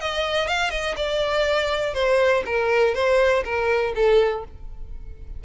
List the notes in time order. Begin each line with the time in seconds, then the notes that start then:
0.00 D#5
0.47 F5
0.70 D#5
0.96 D5
1.94 C5
2.45 A#4
2.94 C5
3.44 A#4
3.95 A4